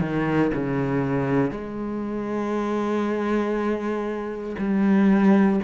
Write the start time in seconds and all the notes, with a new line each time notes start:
0.00 D#3
0.54 C#3
1.50 G#3
4.58 G3